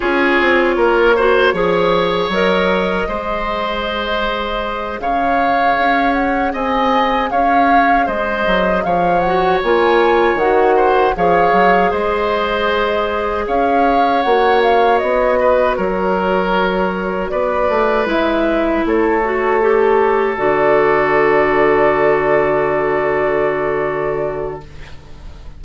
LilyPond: <<
  \new Staff \with { instrumentName = "flute" } { \time 4/4 \tempo 4 = 78 cis''2. dis''4~ | dis''2~ dis''8 f''4. | fis''8 gis''4 f''4 dis''4 f''8 | fis''8 gis''4 fis''4 f''4 dis''8~ |
dis''4. f''4 fis''8 f''8 dis''8~ | dis''8 cis''2 d''4 e''8~ | e''8 cis''2 d''4.~ | d''1 | }
  \new Staff \with { instrumentName = "oboe" } { \time 4/4 gis'4 ais'8 c''8 cis''2 | c''2~ c''8 cis''4.~ | cis''8 dis''4 cis''4 c''4 cis''8~ | cis''2 c''8 cis''4 c''8~ |
c''4. cis''2~ cis''8 | b'8 ais'2 b'4.~ | b'8 a'2.~ a'8~ | a'1 | }
  \new Staff \with { instrumentName = "clarinet" } { \time 4/4 f'4. fis'8 gis'4 ais'4 | gis'1~ | gis'1 | fis'8 f'4 fis'4 gis'4.~ |
gis'2~ gis'8 fis'4.~ | fis'2.~ fis'8 e'8~ | e'4 fis'8 g'4 fis'4.~ | fis'1 | }
  \new Staff \with { instrumentName = "bassoon" } { \time 4/4 cis'8 c'8 ais4 f4 fis4 | gis2~ gis8 cis4 cis'8~ | cis'8 c'4 cis'4 gis8 fis8 f8~ | f8 ais4 dis4 f8 fis8 gis8~ |
gis4. cis'4 ais4 b8~ | b8 fis2 b8 a8 gis8~ | gis8 a2 d4.~ | d1 | }
>>